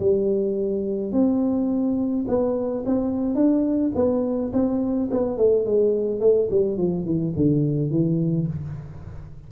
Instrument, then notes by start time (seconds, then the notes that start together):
tuba
0.00 G3
1.12 C4
2.28 B3
2.86 C4
3.35 D4
3.95 B3
4.53 C4
5.11 B3
5.37 A3
5.66 G#3
6.20 A3
6.51 G3
6.77 F3
7.05 E3
7.36 D3
7.91 E3